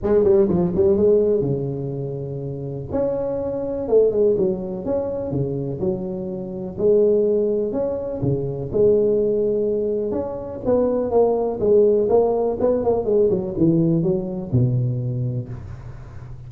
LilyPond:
\new Staff \with { instrumentName = "tuba" } { \time 4/4 \tempo 4 = 124 gis8 g8 f8 g8 gis4 cis4~ | cis2 cis'2 | a8 gis8 fis4 cis'4 cis4 | fis2 gis2 |
cis'4 cis4 gis2~ | gis4 cis'4 b4 ais4 | gis4 ais4 b8 ais8 gis8 fis8 | e4 fis4 b,2 | }